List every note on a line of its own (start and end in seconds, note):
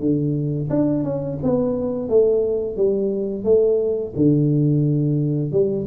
0.00 0.69 D3
0.70 1.04 D4
1.04 1.38 C#4
1.43 2.09 B3
2.09 2.77 A3
2.77 3.44 G3
3.44 4.13 A3
4.16 5.52 D3
5.52 5.87 G3